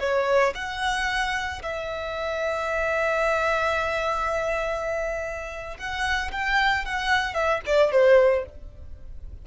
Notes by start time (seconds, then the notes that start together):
0.00 C#5
0.55 F#5
1.62 E5
5.78 F#5
6.32 G5
6.85 F#5
7.34 E5
7.66 D5
7.92 C5